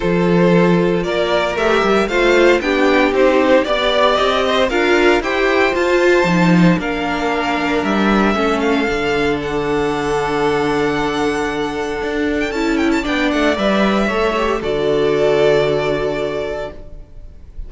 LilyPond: <<
  \new Staff \with { instrumentName = "violin" } { \time 4/4 \tempo 4 = 115 c''2 d''4 e''4 | f''4 g''4 c''4 d''4 | dis''4 f''4 g''4 a''4~ | a''4 f''2 e''4~ |
e''8 f''4. fis''2~ | fis''2.~ fis''8. g''16 | a''8 g''16 a''16 g''8 fis''8 e''2 | d''1 | }
  \new Staff \with { instrumentName = "violin" } { \time 4/4 a'2 ais'2 | c''4 g'2 d''4~ | d''8 c''8 ais'4 c''2~ | c''4 ais'2. |
a'1~ | a'1~ | a'4 d''2 cis''4 | a'1 | }
  \new Staff \with { instrumentName = "viola" } { \time 4/4 f'2. g'4 | f'4 d'4 dis'4 g'4~ | g'4 f'4 g'4 f'4 | dis'4 d'2. |
cis'4 d'2.~ | d'1 | e'4 d'4 b'4 a'8 g'8 | fis'1 | }
  \new Staff \with { instrumentName = "cello" } { \time 4/4 f2 ais4 a8 g8 | a4 b4 c'4 b4 | c'4 d'4 e'4 f'4 | f4 ais2 g4 |
a4 d2.~ | d2. d'4 | cis'4 b8 a8 g4 a4 | d1 | }
>>